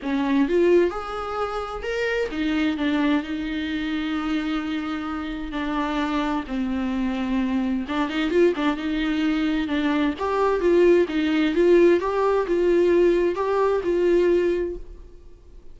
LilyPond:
\new Staff \with { instrumentName = "viola" } { \time 4/4 \tempo 4 = 130 cis'4 f'4 gis'2 | ais'4 dis'4 d'4 dis'4~ | dis'1 | d'2 c'2~ |
c'4 d'8 dis'8 f'8 d'8 dis'4~ | dis'4 d'4 g'4 f'4 | dis'4 f'4 g'4 f'4~ | f'4 g'4 f'2 | }